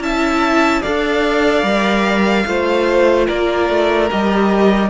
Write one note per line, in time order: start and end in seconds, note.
0.00 0.81 C#4
0.00 0.83 E4
0.00 0.82 E5
0.00 0.82 A5
0.82 1.63 D4
0.82 1.65 A4
0.82 2.44 D5
0.82 3.26 F5
1.63 2.44 G3
1.63 2.46 A#4
2.46 3.27 A3
2.46 4.09 F4
2.46 3.27 C5
3.27 3.69 A#3
3.27 4.89 A#4
3.27 4.09 D5
3.69 4.09 A3
4.10 4.90 G3
4.10 4.90 G4
4.10 4.90 D#5